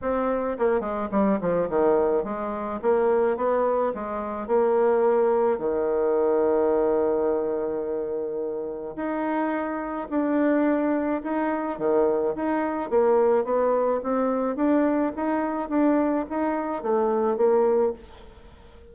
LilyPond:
\new Staff \with { instrumentName = "bassoon" } { \time 4/4 \tempo 4 = 107 c'4 ais8 gis8 g8 f8 dis4 | gis4 ais4 b4 gis4 | ais2 dis2~ | dis1 |
dis'2 d'2 | dis'4 dis4 dis'4 ais4 | b4 c'4 d'4 dis'4 | d'4 dis'4 a4 ais4 | }